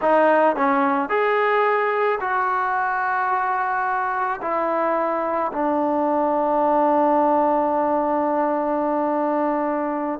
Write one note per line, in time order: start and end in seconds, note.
0.01 0.56 D#4
0.56 1.09 C#4
1.09 2.19 G#4
2.20 4.40 F#4
4.41 5.51 E4
5.52 10.19 D4